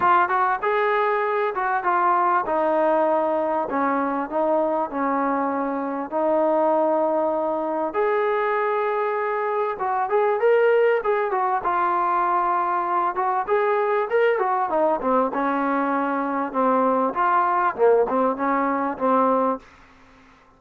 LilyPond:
\new Staff \with { instrumentName = "trombone" } { \time 4/4 \tempo 4 = 98 f'8 fis'8 gis'4. fis'8 f'4 | dis'2 cis'4 dis'4 | cis'2 dis'2~ | dis'4 gis'2. |
fis'8 gis'8 ais'4 gis'8 fis'8 f'4~ | f'4. fis'8 gis'4 ais'8 fis'8 | dis'8 c'8 cis'2 c'4 | f'4 ais8 c'8 cis'4 c'4 | }